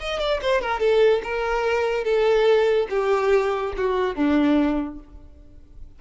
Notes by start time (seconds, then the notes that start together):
0.00 D#5
0.20 D5
0.42 C5
0.61 A#4
0.80 A4
1.24 A#4
2.04 A4
2.90 G4
3.77 F#4
4.16 D4